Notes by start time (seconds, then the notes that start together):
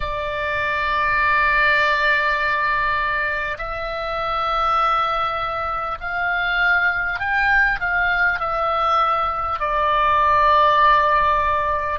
0.00 D5
3.58 E5
6.00 F5
7.19 G5
7.79 F5
8.39 E5
9.59 D5